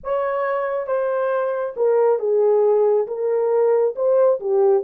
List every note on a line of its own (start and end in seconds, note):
0.03 0.86 C#5
0.86 1.74 C5
1.76 2.19 A#4
2.19 3.07 G#4
3.07 3.94 A#4
3.95 4.39 C5
4.40 4.83 G4